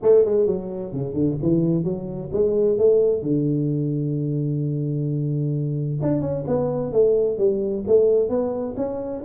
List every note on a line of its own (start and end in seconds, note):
0.02 0.25 A3
0.25 0.46 G#3
0.46 0.92 F#3
0.92 1.13 C#3
1.13 1.36 D3
1.42 1.84 E3
1.84 2.30 F#3
2.32 2.78 G#3
2.78 3.22 A3
3.22 5.99 D3
6.01 6.21 D4
6.21 6.44 C#4
6.47 6.92 B3
6.92 7.38 A3
7.38 7.84 G3
7.87 8.29 A3
8.29 8.75 B3
8.76 9.22 C#4